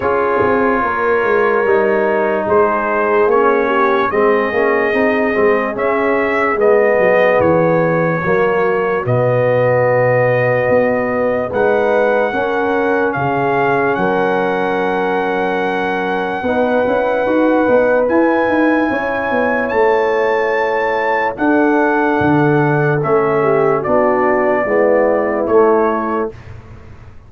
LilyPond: <<
  \new Staff \with { instrumentName = "trumpet" } { \time 4/4 \tempo 4 = 73 cis''2. c''4 | cis''4 dis''2 e''4 | dis''4 cis''2 dis''4~ | dis''2 fis''2 |
f''4 fis''2.~ | fis''2 gis''2 | a''2 fis''2 | e''4 d''2 cis''4 | }
  \new Staff \with { instrumentName = "horn" } { \time 4/4 gis'4 ais'2 gis'4~ | gis'8 g'8 gis'2.~ | gis'2 fis'2~ | fis'2 b'4 ais'4 |
gis'4 ais'2. | b'2. cis''4~ | cis''2 a'2~ | a'8 g'8 fis'4 e'2 | }
  \new Staff \with { instrumentName = "trombone" } { \time 4/4 f'2 dis'2 | cis'4 c'8 cis'8 dis'8 c'8 cis'4 | b2 ais4 b4~ | b2 dis'4 cis'4~ |
cis'1 | dis'8 e'8 fis'8 dis'8 e'2~ | e'2 d'2 | cis'4 d'4 b4 a4 | }
  \new Staff \with { instrumentName = "tuba" } { \time 4/4 cis'8 c'8 ais8 gis8 g4 gis4 | ais4 gis8 ais8 c'8 gis8 cis'4 | gis8 fis8 e4 fis4 b,4~ | b,4 b4 gis4 cis'4 |
cis4 fis2. | b8 cis'8 dis'8 b8 e'8 dis'8 cis'8 b8 | a2 d'4 d4 | a4 b4 gis4 a4 | }
>>